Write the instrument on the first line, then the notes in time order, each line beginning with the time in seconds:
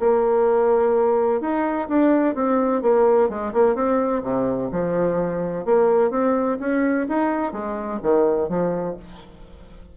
bassoon
0.00 A#3
1.41 D#4
1.89 D4
2.35 C4
2.82 A#3
3.30 G#3
3.54 A#3
3.75 C4
4.23 C3
4.72 F3
5.65 A#3
6.11 C4
6.60 C#4
7.09 D#4
7.53 G#3
8.03 D#3
8.49 F3